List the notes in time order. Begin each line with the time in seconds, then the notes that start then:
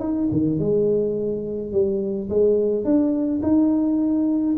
0.00 D#4
0.31 D#3
0.59 G#3
1.72 G3
2.29 G#3
2.84 D4
3.43 D#4